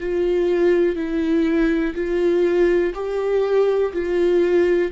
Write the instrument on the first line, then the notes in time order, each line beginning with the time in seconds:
viola
0.00 F4
0.96 E4
1.95 F4
2.94 G4
3.93 F4